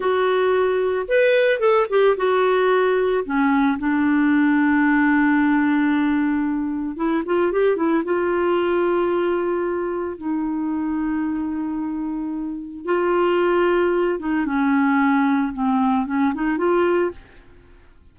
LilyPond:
\new Staff \with { instrumentName = "clarinet" } { \time 4/4 \tempo 4 = 112 fis'2 b'4 a'8 g'8 | fis'2 cis'4 d'4~ | d'1~ | d'4 e'8 f'8 g'8 e'8 f'4~ |
f'2. dis'4~ | dis'1 | f'2~ f'8 dis'8 cis'4~ | cis'4 c'4 cis'8 dis'8 f'4 | }